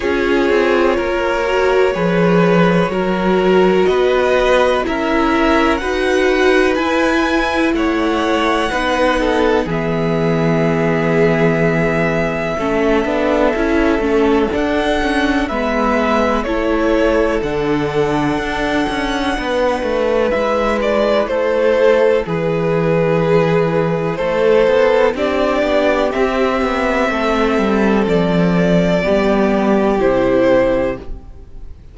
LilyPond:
<<
  \new Staff \with { instrumentName = "violin" } { \time 4/4 \tempo 4 = 62 cis''1 | dis''4 e''4 fis''4 gis''4 | fis''2 e''2~ | e''2. fis''4 |
e''4 cis''4 fis''2~ | fis''4 e''8 d''8 c''4 b'4~ | b'4 c''4 d''4 e''4~ | e''4 d''2 c''4 | }
  \new Staff \with { instrumentName = "violin" } { \time 4/4 gis'4 ais'4 b'4 ais'4 | b'4 ais'4 b'2 | cis''4 b'8 a'8 gis'2~ | gis'4 a'2. |
b'4 a'2. | b'2 a'4 gis'4~ | gis'4 a'4 g'2 | a'2 g'2 | }
  \new Staff \with { instrumentName = "viola" } { \time 4/4 f'4. fis'8 gis'4 fis'4~ | fis'4 e'4 fis'4 e'4~ | e'4 dis'4 b2~ | b4 cis'8 d'8 e'8 cis'8 d'8 cis'8 |
b4 e'4 d'2~ | d'4 e'2.~ | e'2 d'4 c'4~ | c'2 b4 e'4 | }
  \new Staff \with { instrumentName = "cello" } { \time 4/4 cis'8 c'8 ais4 f4 fis4 | b4 cis'4 dis'4 e'4 | a4 b4 e2~ | e4 a8 b8 cis'8 a8 d'4 |
gis4 a4 d4 d'8 cis'8 | b8 a8 gis4 a4 e4~ | e4 a8 b8 c'8 b8 c'8 b8 | a8 g8 f4 g4 c4 | }
>>